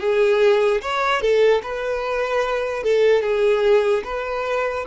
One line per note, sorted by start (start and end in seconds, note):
0.00 0.81 G#4
0.81 1.21 C#5
1.21 1.61 A4
1.63 2.83 B4
2.83 3.22 A4
3.22 4.03 G#4
4.04 4.85 B4